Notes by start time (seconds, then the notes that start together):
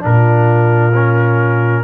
0.00 A#2 D4 F4 A#4
0.94 C#4